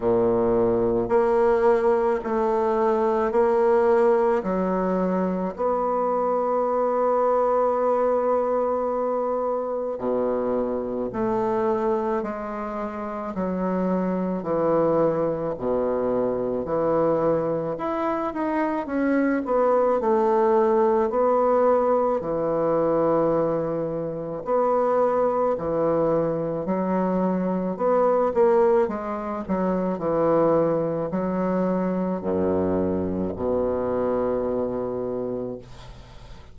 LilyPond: \new Staff \with { instrumentName = "bassoon" } { \time 4/4 \tempo 4 = 54 ais,4 ais4 a4 ais4 | fis4 b2.~ | b4 b,4 a4 gis4 | fis4 e4 b,4 e4 |
e'8 dis'8 cis'8 b8 a4 b4 | e2 b4 e4 | fis4 b8 ais8 gis8 fis8 e4 | fis4 fis,4 b,2 | }